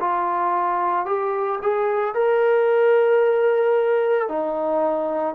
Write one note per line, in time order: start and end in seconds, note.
0.00 1.06 F4
1.06 1.59 G4
1.62 2.14 G#4
2.14 4.28 A#4
4.28 5.35 D#4